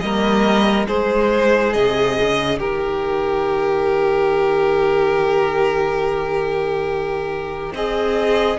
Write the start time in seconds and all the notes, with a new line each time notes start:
0.00 G3 A#3 A#4 D#5
0.87 G#3 D#4 G#4 C5
1.73 C3 D#5
2.20 C#3
2.59 D#3 G4 A#4
7.73 C4 G#4 D#5